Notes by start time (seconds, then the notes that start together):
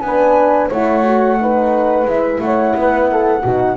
0.00 B3 D4 B4 G#5
0.69 A3 E4 C#5 F#5
1.04 F#4
1.41 D#4 B4
2.05 G#3 E4 E5
2.41 A3 C#5 F#5
2.75 B3 B4
3.12 A4
3.43 B2 D#4 F#4